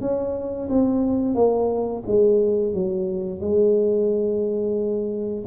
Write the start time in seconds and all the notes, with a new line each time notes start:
0.00 C#4
0.69 C4
1.35 A#3
2.06 G#3
2.73 F#3
3.40 G#3